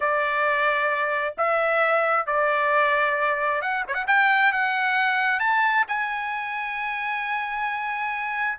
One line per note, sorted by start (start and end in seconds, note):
0.00 1.34 D5
1.37 2.26 E5
2.26 3.61 D5
3.61 3.84 F#5
3.87 3.94 C#5
3.94 4.05 F#5
4.07 4.52 G5
4.52 5.39 F#5
5.39 5.84 A5
5.87 8.58 G#5